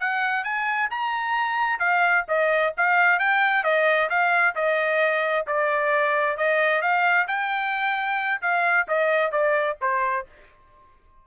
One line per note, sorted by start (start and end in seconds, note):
0.00 0.44 F#5
0.44 0.90 G#5
0.90 1.80 A#5
1.80 2.25 F5
2.28 2.74 D#5
2.77 3.19 F5
3.19 3.64 G5
3.64 4.09 D#5
4.10 4.55 F5
4.55 5.46 D#5
5.47 6.37 D5
6.37 6.82 D#5
6.82 7.27 F5
7.28 8.41 G5
8.42 8.87 F5
8.88 9.32 D#5
9.32 9.77 D5
9.81 10.27 C5